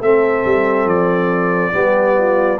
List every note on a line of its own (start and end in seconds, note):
0.00 0.43 A3
0.00 1.72 C4
0.00 1.73 A4
0.00 0.88 E5
0.45 0.85 G3
0.85 1.71 F3
0.85 2.59 D5
1.72 2.59 G3
1.72 2.58 B3
1.72 2.16 G4
2.17 2.60 F4